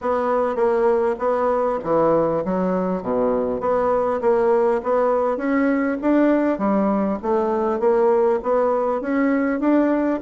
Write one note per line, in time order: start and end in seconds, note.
0.01 0.55 B3
0.55 1.15 A#3
1.18 1.78 B3
1.83 2.43 E3
2.44 3.02 F#3
3.02 3.60 B2
3.60 4.20 B3
4.21 4.81 A#3
4.83 5.37 B3
5.37 5.97 C#4
6.01 6.58 D4
6.58 7.18 G3
7.22 7.79 A3
7.79 8.39 A#3
8.42 9.01 B3
9.01 9.60 C#4
9.60 10.20 D4